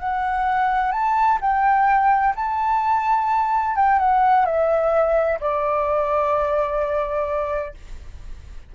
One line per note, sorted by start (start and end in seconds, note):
0.00 0.92 F#5
0.92 1.39 A5
1.41 2.35 G5
2.36 3.76 A5
3.76 4.00 G5
4.00 4.46 F#5
4.46 5.39 E5
5.41 7.75 D5